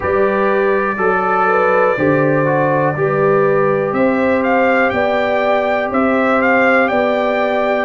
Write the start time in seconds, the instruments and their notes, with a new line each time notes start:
0.00 tuba G3, trombone G4, horn B4, trumpet D5
0.97 tuba F#3, trombone A4, horn A4
1.48 horn B4
1.97 tuba D3, trombone G4, horn C5
2.45 trombone F#4
2.96 tuba G3, trombone G4, horn B4
3.92 tuba C4, horn C5, trumpet E5
4.43 trumpet F5
4.90 tuba B3, horn D5, trumpet G5
5.90 tuba C4, horn C5, trumpet E5
6.41 trumpet F5
6.88 tuba B3, horn D5, trumpet G5